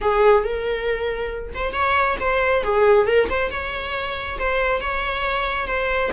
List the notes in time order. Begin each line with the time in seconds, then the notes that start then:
0.01 G#4
0.44 A#4
1.54 C5
1.72 C#5
2.20 C5
2.63 G#4
3.06 A#4
3.29 C5
3.50 C#5
4.38 C5
4.81 C#5
5.67 C5